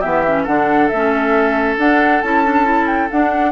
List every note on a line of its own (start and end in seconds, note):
0.00 0.47 E3
0.00 0.25 B3
0.00 0.43 G4
0.00 0.45 E5
0.27 0.48 C#4
0.43 0.91 D3
0.43 0.92 D4
0.43 3.50 A4
0.43 0.88 F#5
0.88 1.78 A3
0.88 1.76 E5
0.96 1.79 C#4
1.78 2.21 D4
1.78 2.23 D4
1.78 2.21 F#5
2.21 3.11 C#4
2.21 2.45 E4
2.21 2.87 A5
2.45 2.64 D4
2.64 3.08 E4
2.87 3.09 G5
3.11 3.52 D4
3.11 3.52 F#5